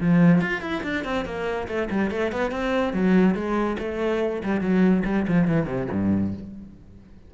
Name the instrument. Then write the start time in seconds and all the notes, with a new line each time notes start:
cello
0.00 F3
0.41 F4
0.61 E4
0.83 D4
1.04 C4
1.25 A#3
1.67 A3
1.90 G3
2.11 A3
2.32 B3
2.51 C4
2.93 F#3
3.34 G#3
3.79 A3
4.43 G3
4.61 F#3
5.05 G3
5.27 F3
5.47 E3
5.66 C3
5.91 G2